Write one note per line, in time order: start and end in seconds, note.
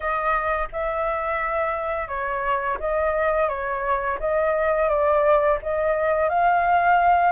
0.00 0.68 D#5
0.72 2.07 E5
2.07 2.77 C#5
2.79 3.48 D#5
3.48 4.18 C#5
4.19 4.88 D#5
4.88 5.58 D5
5.62 6.29 D#5
6.29 7.32 F5